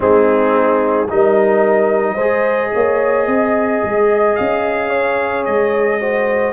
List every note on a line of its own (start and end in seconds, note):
0.00 1.09 G#3
0.00 1.07 C4
0.00 1.09 D#4
0.00 1.09 G#4
1.08 2.16 G3
1.08 2.17 D#4
1.08 2.14 A#4
1.08 4.35 D#5
2.14 2.70 G#3
2.14 6.00 G#4
2.14 2.69 C5
2.73 3.27 A#3
2.73 3.27 C#5
3.27 3.81 C4
3.27 4.89 D#5
3.83 4.37 G#3
4.35 5.47 C#4
4.35 5.44 F5
4.89 5.98 C#5
5.45 6.52 G#3
5.45 6.52 D#5
6.00 6.52 F#4
6.00 6.52 C5